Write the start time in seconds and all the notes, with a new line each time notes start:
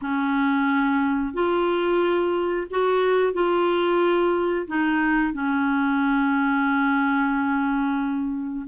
0.01 C#4
1.33 F4
2.70 F#4
3.33 F4
4.67 D#4
5.33 C#4